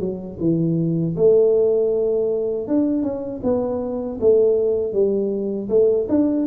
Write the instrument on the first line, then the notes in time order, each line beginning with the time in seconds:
tuba
0.00 F#3
0.40 E3
1.16 A3
2.68 D4
3.03 C#4
3.43 B3
4.21 A3
4.93 G3
5.69 A3
6.09 D4